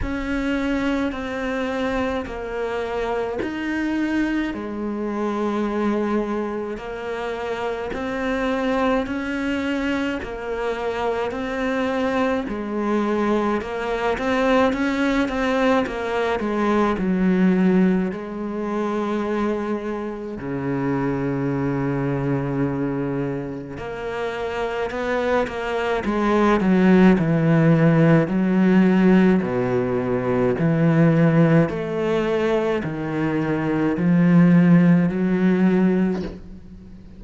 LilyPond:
\new Staff \with { instrumentName = "cello" } { \time 4/4 \tempo 4 = 53 cis'4 c'4 ais4 dis'4 | gis2 ais4 c'4 | cis'4 ais4 c'4 gis4 | ais8 c'8 cis'8 c'8 ais8 gis8 fis4 |
gis2 cis2~ | cis4 ais4 b8 ais8 gis8 fis8 | e4 fis4 b,4 e4 | a4 dis4 f4 fis4 | }